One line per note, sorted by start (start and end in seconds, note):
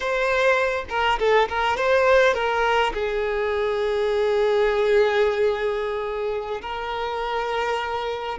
0.00 0.84 C5
0.89 1.18 A#4
1.19 1.48 A4
1.48 1.76 A#4
1.76 2.34 C5
2.34 2.93 A#4
2.93 6.61 G#4
6.61 8.38 A#4